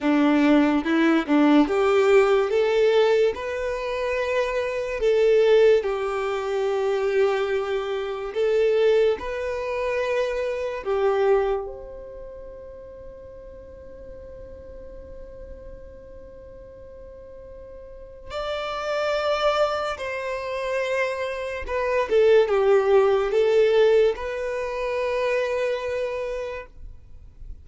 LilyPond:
\new Staff \with { instrumentName = "violin" } { \time 4/4 \tempo 4 = 72 d'4 e'8 d'8 g'4 a'4 | b'2 a'4 g'4~ | g'2 a'4 b'4~ | b'4 g'4 c''2~ |
c''1~ | c''2 d''2 | c''2 b'8 a'8 g'4 | a'4 b'2. | }